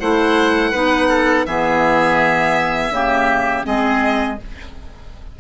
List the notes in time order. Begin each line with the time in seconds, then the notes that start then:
0.00 A3 E4 C5 F#5
0.71 B3 D#4 B4
1.09 A4
1.46 E3 B3 G#4 E5
2.91 C#3 A#3 G4
3.64 G#3 C4 G#4 D#5